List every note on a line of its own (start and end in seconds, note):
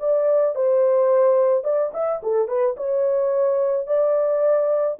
0.00 0.56 D5
0.56 1.64 C5
1.64 1.92 D5
1.94 2.22 E5
2.23 2.48 A4
2.48 2.76 B4
2.77 3.87 C#5
3.87 4.98 D5